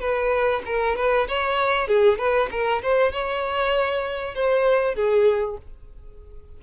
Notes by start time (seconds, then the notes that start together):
0.00 B4
0.66 A#4
0.96 B4
1.28 C#5
1.88 G#4
2.18 B4
2.51 A#4
2.82 C5
3.12 C#5
4.35 C5
4.95 G#4